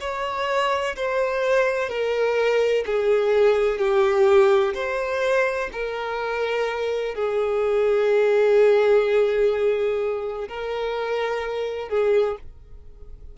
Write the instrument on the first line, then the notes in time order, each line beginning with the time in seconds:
violin
0.00 C#5
0.96 C5
1.89 A#4
2.85 G#4
3.78 G4
4.74 C5
5.72 A#4
7.14 G#4
10.48 A#4
11.88 G#4